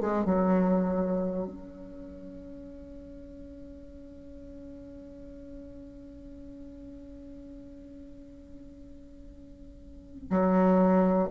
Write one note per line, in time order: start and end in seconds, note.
0.00 0.25 G#3
0.25 1.48 F#3
1.48 10.30 C#4
10.30 11.28 F#3